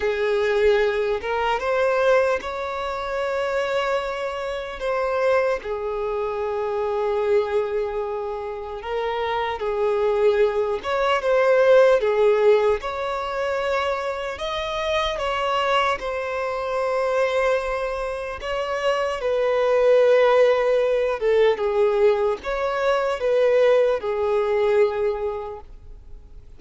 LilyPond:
\new Staff \with { instrumentName = "violin" } { \time 4/4 \tempo 4 = 75 gis'4. ais'8 c''4 cis''4~ | cis''2 c''4 gis'4~ | gis'2. ais'4 | gis'4. cis''8 c''4 gis'4 |
cis''2 dis''4 cis''4 | c''2. cis''4 | b'2~ b'8 a'8 gis'4 | cis''4 b'4 gis'2 | }